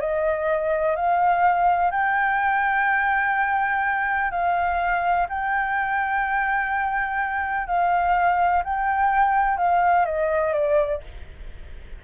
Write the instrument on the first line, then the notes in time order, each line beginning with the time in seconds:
flute
0.00 D#5
0.96 F5
1.91 G5
4.31 F5
5.29 G5
7.67 F5
8.64 G5
9.57 F5
10.05 D#5
10.53 D5